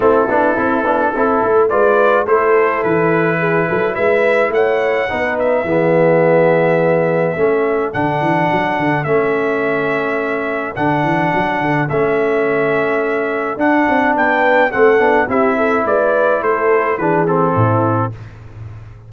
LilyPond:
<<
  \new Staff \with { instrumentName = "trumpet" } { \time 4/4 \tempo 4 = 106 a'2. d''4 | c''4 b'2 e''4 | fis''4. e''2~ e''8~ | e''2 fis''2 |
e''2. fis''4~ | fis''4 e''2. | fis''4 g''4 fis''4 e''4 | d''4 c''4 b'8 a'4. | }
  \new Staff \with { instrumentName = "horn" } { \time 4/4 e'2 a'4 b'4 | a'2 gis'8 a'8 b'4 | cis''4 b'4 gis'2~ | gis'4 a'2.~ |
a'1~ | a'1~ | a'4 b'4 a'4 g'8 a'8 | b'4 a'4 gis'4 e'4 | }
  \new Staff \with { instrumentName = "trombone" } { \time 4/4 c'8 d'8 e'8 d'8 e'4 f'4 | e'1~ | e'4 dis'4 b2~ | b4 cis'4 d'2 |
cis'2. d'4~ | d'4 cis'2. | d'2 c'8 d'8 e'4~ | e'2 d'8 c'4. | }
  \new Staff \with { instrumentName = "tuba" } { \time 4/4 a8 b8 c'8 b8 c'8 a8 gis4 | a4 e4. fis8 gis4 | a4 b4 e2~ | e4 a4 d8 e8 fis8 d8 |
a2. d8 e8 | fis8 d8 a2. | d'8 c'8 b4 a8 b8 c'4 | gis4 a4 e4 a,4 | }
>>